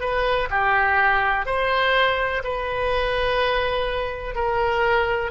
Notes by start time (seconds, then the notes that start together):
0.00 B4
0.50 G4
1.46 C5
2.44 B4
4.35 A#4